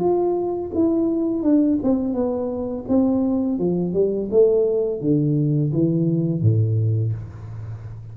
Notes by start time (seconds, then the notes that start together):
0.00 F4
0.75 E4
1.43 D4
1.83 C4
2.14 B3
2.89 C4
3.59 F3
3.94 G3
4.31 A3
5.01 D3
5.73 E3
6.42 A2